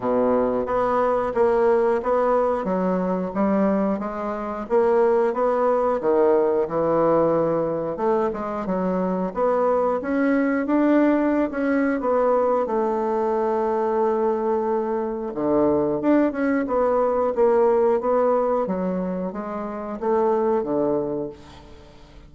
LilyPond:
\new Staff \with { instrumentName = "bassoon" } { \time 4/4 \tempo 4 = 90 b,4 b4 ais4 b4 | fis4 g4 gis4 ais4 | b4 dis4 e2 | a8 gis8 fis4 b4 cis'4 |
d'4~ d'16 cis'8. b4 a4~ | a2. d4 | d'8 cis'8 b4 ais4 b4 | fis4 gis4 a4 d4 | }